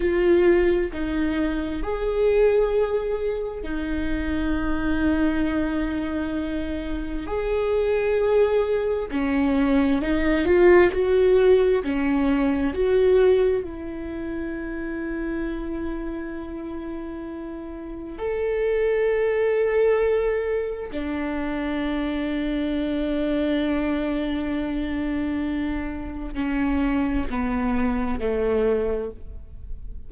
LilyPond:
\new Staff \with { instrumentName = "viola" } { \time 4/4 \tempo 4 = 66 f'4 dis'4 gis'2 | dis'1 | gis'2 cis'4 dis'8 f'8 | fis'4 cis'4 fis'4 e'4~ |
e'1 | a'2. d'4~ | d'1~ | d'4 cis'4 b4 a4 | }